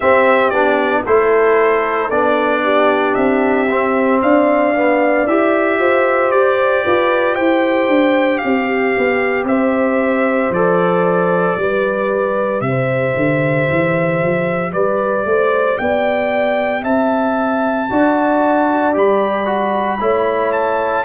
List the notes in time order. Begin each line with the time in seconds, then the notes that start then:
0.00 C4 G4 E5
0.50 B3 D4 D5
1.06 A3 E4 A4 C5
2.10 B3 D4 D5
2.63 G4
3.14 C4 E5
3.69 C4
4.22 D4 D5 F5
4.75 B3
5.26 E4 G4 E5
5.79 F4 C5
6.31 G4 D5
6.84 F4 B4
7.34 E4 C5 G5
7.87 D4
8.38 C4 F5
8.44 G4
8.97 B3
9.44 C4 C5 E5
10.50 F3 A4 D5
11.57 G3 G4 B4
12.61 C3 E5
12.68 C5
13.16 D3
13.70 E3
14.22 F3
14.72 G3 B4 D5
15.25 A3 C5
15.78 B3 D5 G5
16.82 C4 E5 A5
17.89 D4 F#4 D5
18.93 G3 G4 B5
19.45 F#4
20.00 A3 E4 C#5
20.52 A5